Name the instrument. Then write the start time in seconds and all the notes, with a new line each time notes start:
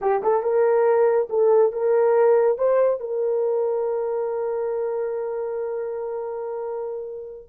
horn
0.01 G4
0.22 A4
0.42 A#4
1.29 A4
1.72 A#4
2.58 C5
3.00 A#4